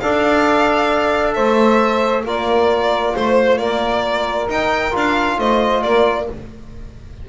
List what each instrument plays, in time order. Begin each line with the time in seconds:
0.00 double bass D4, trombone A4, saxophone D5, violin F5
1.33 double bass A3, saxophone C5, violin E5
2.24 double bass A#3, trombone F4, saxophone A#4, violin D5
3.15 double bass A3, saxophone C5, violin C5
3.58 double bass A#3, saxophone A#4, violin D5
4.49 double bass D#4, trombone D#4, violin G5
4.91 double bass D4, trombone F4
4.97 violin F5
5.38 double bass A3, saxophone C5, violin D#5
5.83 double bass A#3, saxophone A#4, violin D5